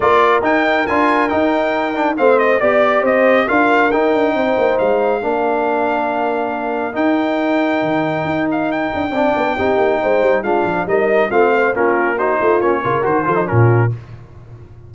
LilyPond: <<
  \new Staff \with { instrumentName = "trumpet" } { \time 4/4 \tempo 4 = 138 d''4 g''4 gis''4 g''4~ | g''4 f''8 dis''8 d''4 dis''4 | f''4 g''2 f''4~ | f''1 |
g''2.~ g''8 f''8 | g''1 | f''4 dis''4 f''4 ais'4 | c''4 cis''4 c''4 ais'4 | }
  \new Staff \with { instrumentName = "horn" } { \time 4/4 ais'1~ | ais'4 c''4 d''4 c''4 | ais'2 c''2 | ais'1~ |
ais'1~ | ais'4 d''4 g'4 c''4 | f'4 ais'4 f'8 c''8 f'4 | fis'8 f'4 ais'4 a'8 f'4 | }
  \new Staff \with { instrumentName = "trombone" } { \time 4/4 f'4 dis'4 f'4 dis'4~ | dis'8 d'8 c'4 g'2 | f'4 dis'2. | d'1 |
dis'1~ | dis'4 d'4 dis'2 | d'4 dis'4 c'4 cis'4 | dis'4 cis'8 f'8 fis'8 f'16 dis'16 cis'4 | }
  \new Staff \with { instrumentName = "tuba" } { \time 4/4 ais4 dis'4 d'4 dis'4~ | dis'4 a4 b4 c'4 | d'4 dis'8 d'8 c'8 ais8 gis4 | ais1 |
dis'2 dis4 dis'4~ | dis'8 d'8 c'8 b8 c'8 ais8 gis8 g8 | gis8 f8 g4 a4 ais4~ | ais8 a8 ais8 cis8 dis8 f8 ais,4 | }
>>